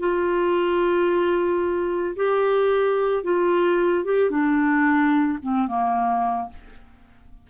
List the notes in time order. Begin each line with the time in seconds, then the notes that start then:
0.00 F4
2.17 G4
3.24 F4
4.05 G4
4.31 D4
5.43 C4
5.68 A#3